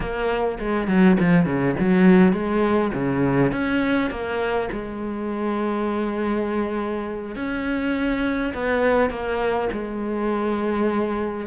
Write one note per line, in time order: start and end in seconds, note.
0.00 0.58 A#3
0.59 0.87 G#3
0.87 1.17 F#3
1.19 1.45 F3
1.45 1.75 C#3
1.79 2.32 F#3
2.32 2.91 G#3
2.93 3.52 C#3
3.52 4.10 C#4
4.10 4.69 A#3
4.71 7.35 G#3
7.35 8.53 C#4
8.53 9.10 B3
9.10 9.68 A#3
9.72 11.47 G#3